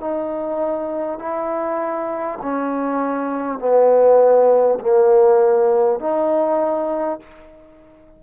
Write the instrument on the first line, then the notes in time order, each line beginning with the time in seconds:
trombone
0.00 D#4
1.19 E4
2.42 C#4
3.59 B3
4.81 A#3
6.00 D#4